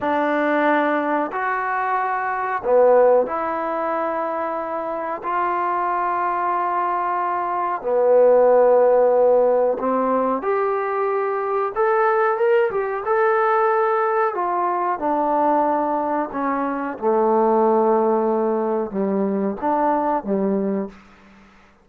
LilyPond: \new Staff \with { instrumentName = "trombone" } { \time 4/4 \tempo 4 = 92 d'2 fis'2 | b4 e'2. | f'1 | b2. c'4 |
g'2 a'4 ais'8 g'8 | a'2 f'4 d'4~ | d'4 cis'4 a2~ | a4 g4 d'4 g4 | }